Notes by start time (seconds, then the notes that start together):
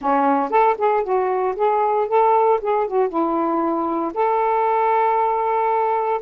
0.01 C#4
0.49 A4
0.78 G#4
1.03 F#4
1.56 G#4
2.08 A4
2.61 G#4
2.87 F#4
3.08 E4
4.14 A4